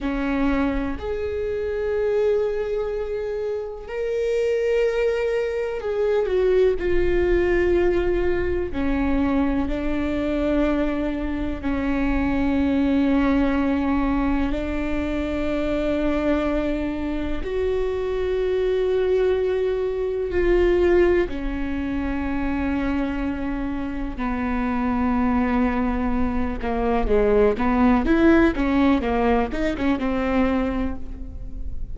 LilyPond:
\new Staff \with { instrumentName = "viola" } { \time 4/4 \tempo 4 = 62 cis'4 gis'2. | ais'2 gis'8 fis'8 f'4~ | f'4 cis'4 d'2 | cis'2. d'4~ |
d'2 fis'2~ | fis'4 f'4 cis'2~ | cis'4 b2~ b8 ais8 | gis8 b8 e'8 cis'8 ais8 dis'16 cis'16 c'4 | }